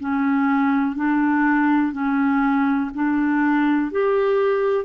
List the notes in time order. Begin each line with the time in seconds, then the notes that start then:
0.00 C#4
0.96 D4
1.93 C#4
2.95 D4
3.92 G4